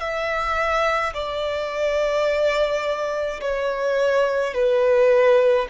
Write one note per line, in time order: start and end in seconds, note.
0.00 1.13 E5
1.14 3.40 D5
3.41 4.54 C#5
4.54 5.67 B4